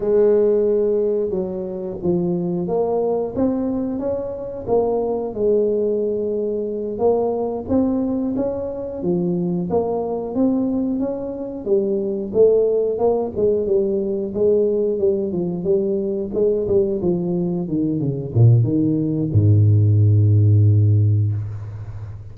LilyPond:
\new Staff \with { instrumentName = "tuba" } { \time 4/4 \tempo 4 = 90 gis2 fis4 f4 | ais4 c'4 cis'4 ais4 | gis2~ gis8 ais4 c'8~ | c'8 cis'4 f4 ais4 c'8~ |
c'8 cis'4 g4 a4 ais8 | gis8 g4 gis4 g8 f8 g8~ | g8 gis8 g8 f4 dis8 cis8 ais,8 | dis4 gis,2. | }